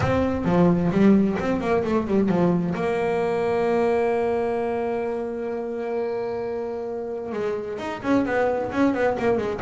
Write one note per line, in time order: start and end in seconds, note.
0.00 0.45 C4
0.45 0.90 F3
0.91 1.37 G3
1.39 1.60 C4
1.60 1.83 A#3
1.84 2.07 A3
2.07 2.28 G3
2.28 2.74 F3
2.74 7.32 A#3
7.32 7.78 G#3
7.78 8.01 D#4
8.02 8.25 C#4
8.25 8.71 B3
8.71 8.93 C#4
8.93 9.16 B3
9.19 9.37 A#3
9.37 9.60 G#3